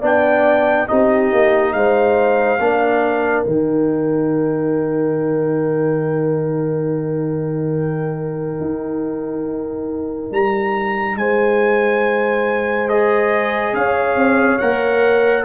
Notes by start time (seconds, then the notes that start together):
0.00 B3 D4 D5 G5
0.88 C4 D#4 G4 D#5
1.33 A#3
1.73 G#3 C5 F5
2.60 A#3 D4 A#4
3.44 D#3 D#4 G5
8.61 D#4
10.32 G3 A#5
11.16 G#3 C5 G#5
12.89 G#4 D#5
13.74 C#4 C#5 F5
14.16 C4
14.59 A#3 A#4 F#5